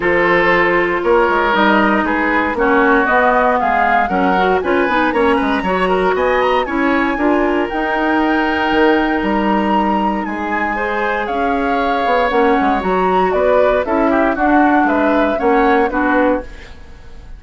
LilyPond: <<
  \new Staff \with { instrumentName = "flute" } { \time 4/4 \tempo 4 = 117 c''2 cis''4 dis''4 | b'4 cis''4 dis''4 f''4 | fis''4 gis''4 ais''2 | gis''8 ais''8 gis''2 g''4~ |
g''2 ais''2 | gis''2 f''2 | fis''4 ais''4 d''4 e''4 | fis''4 e''4 fis''4 b'4 | }
  \new Staff \with { instrumentName = "oboe" } { \time 4/4 a'2 ais'2 | gis'4 fis'2 gis'4 | ais'4 b'4 cis''8 b'8 cis''8 ais'8 | dis''4 cis''4 ais'2~ |
ais'1 | gis'4 c''4 cis''2~ | cis''2 b'4 a'8 g'8 | fis'4 b'4 cis''4 fis'4 | }
  \new Staff \with { instrumentName = "clarinet" } { \time 4/4 f'2. dis'4~ | dis'4 cis'4 b2 | cis'8 fis'8 f'8 dis'8 cis'4 fis'4~ | fis'4 e'4 f'4 dis'4~ |
dis'1~ | dis'4 gis'2. | cis'4 fis'2 e'4 | d'2 cis'4 d'4 | }
  \new Staff \with { instrumentName = "bassoon" } { \time 4/4 f2 ais8 gis8 g4 | gis4 ais4 b4 gis4 | fis4 cis'8 b8 ais8 gis8 fis4 | b4 cis'4 d'4 dis'4~ |
dis'4 dis4 g2 | gis2 cis'4. b8 | ais8 gis8 fis4 b4 cis'4 | d'4 gis4 ais4 b4 | }
>>